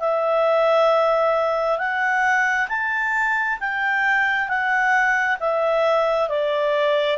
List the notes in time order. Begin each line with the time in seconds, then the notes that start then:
0.00 E5
1.78 F#5
2.69 A5
3.60 G5
4.48 F#5
5.40 E5
6.28 D5